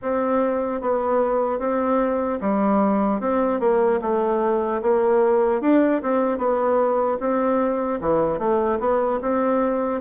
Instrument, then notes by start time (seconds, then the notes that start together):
bassoon
0.02 C4
0.81 B3
1.59 C4
2.40 G3
3.20 C4
3.60 A#3
4.01 A3
4.82 A#3
5.61 D4
6.02 C4
6.38 B3
7.20 C4
8.00 E3
8.39 A3
8.79 B3
9.21 C4